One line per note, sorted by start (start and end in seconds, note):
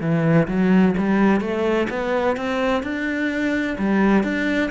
0.00 0.47 E3
0.47 0.94 F#3
0.98 1.40 G3
1.40 1.87 A3
1.90 2.37 B3
2.37 2.83 C4
2.83 3.77 D4
3.78 4.23 G3
4.23 4.70 D4